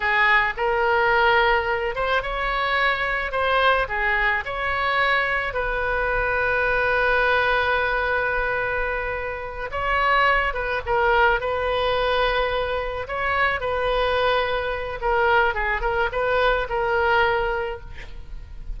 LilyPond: \new Staff \with { instrumentName = "oboe" } { \time 4/4 \tempo 4 = 108 gis'4 ais'2~ ais'8 c''8 | cis''2 c''4 gis'4 | cis''2 b'2~ | b'1~ |
b'4. cis''4. b'8 ais'8~ | ais'8 b'2. cis''8~ | cis''8 b'2~ b'8 ais'4 | gis'8 ais'8 b'4 ais'2 | }